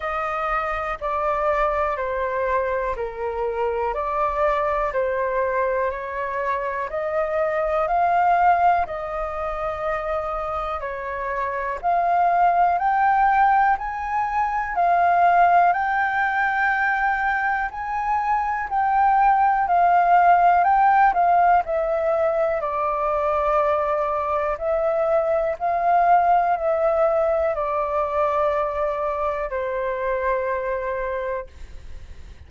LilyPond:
\new Staff \with { instrumentName = "flute" } { \time 4/4 \tempo 4 = 61 dis''4 d''4 c''4 ais'4 | d''4 c''4 cis''4 dis''4 | f''4 dis''2 cis''4 | f''4 g''4 gis''4 f''4 |
g''2 gis''4 g''4 | f''4 g''8 f''8 e''4 d''4~ | d''4 e''4 f''4 e''4 | d''2 c''2 | }